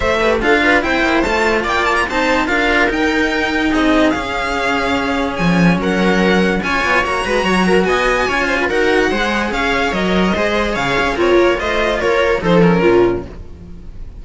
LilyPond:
<<
  \new Staff \with { instrumentName = "violin" } { \time 4/4 \tempo 4 = 145 e''4 f''4 g''4 a''4 | g''8 a''16 ais''16 a''4 f''4 g''4~ | g''4 dis''4 f''2~ | f''4 gis''4 fis''2 |
gis''4 ais''2 gis''4~ | gis''4 fis''2 f''4 | dis''2 f''4 cis''4 | dis''4 cis''4 c''8 ais'4. | }
  \new Staff \with { instrumentName = "viola" } { \time 4/4 c''8 b'8 a'8 b'8 c''2 | d''4 c''4 ais'2~ | ais'4 gis'2.~ | gis'2 ais'2 |
cis''4. b'8 cis''8 ais'8 dis''4 | cis''8 c''16 b'16 ais'4 c''4 cis''4~ | cis''4 c''4 cis''4 f'4 | c''4 ais'4 a'4 f'4 | }
  \new Staff \with { instrumentName = "cello" } { \time 4/4 a'8 g'8 f'4 e'4 f'4~ | f'4 dis'4 f'4 dis'4~ | dis'2 cis'2~ | cis'1 |
f'4 fis'2. | f'4 fis'4 gis'2 | ais'4 gis'2 ais'4 | f'2 dis'8 cis'4. | }
  \new Staff \with { instrumentName = "cello" } { \time 4/4 a4 d'4 c'8 ais8 a4 | ais4 c'4 d'4 dis'4~ | dis'4 c'4 cis'2~ | cis'4 f4 fis2 |
cis'8 b8 ais8 gis8 fis4 b4 | cis'4 dis'4 gis4 cis'4 | fis4 gis4 cis8 cis'8 c'8 ais8 | a4 ais4 f4 ais,4 | }
>>